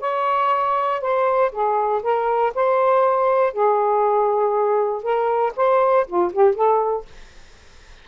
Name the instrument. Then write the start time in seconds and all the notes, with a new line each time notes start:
saxophone
0.00 C#5
1.01 C5
1.52 G#4
2.02 A#4
2.55 C5
3.53 G#4
5.02 A#4
5.56 C5
6.07 F4
6.33 G4
6.55 A4